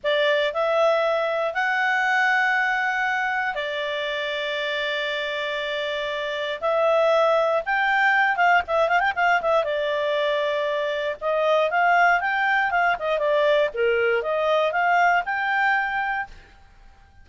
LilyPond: \new Staff \with { instrumentName = "clarinet" } { \time 4/4 \tempo 4 = 118 d''4 e''2 fis''4~ | fis''2. d''4~ | d''1~ | d''4 e''2 g''4~ |
g''8 f''8 e''8 f''16 g''16 f''8 e''8 d''4~ | d''2 dis''4 f''4 | g''4 f''8 dis''8 d''4 ais'4 | dis''4 f''4 g''2 | }